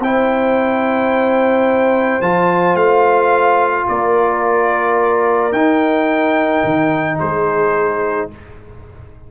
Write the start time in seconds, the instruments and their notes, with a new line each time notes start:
0.00 tuba C4, trombone E4, horn C5, trumpet G5
2.21 tuba F3, trombone F4, trumpet A5
2.75 tuba A3, trumpet F5
3.88 tuba A#3, horn A#4, trumpet D5
5.52 tuba D#4, trombone D#4, trumpet G5
6.64 tuba D#3
7.19 tuba G#3, horn G#4, trumpet C5